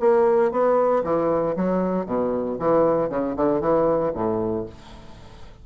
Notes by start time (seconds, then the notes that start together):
0.00 A#3
0.51 B3
1.04 E3
1.57 F#3
2.06 B2
2.59 E3
3.10 C#3
3.36 D3
3.61 E3
4.14 A2